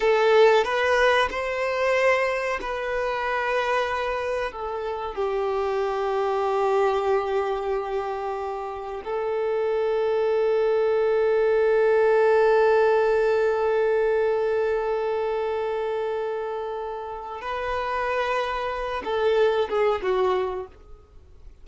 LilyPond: \new Staff \with { instrumentName = "violin" } { \time 4/4 \tempo 4 = 93 a'4 b'4 c''2 | b'2. a'4 | g'1~ | g'2 a'2~ |
a'1~ | a'1~ | a'2. b'4~ | b'4. a'4 gis'8 fis'4 | }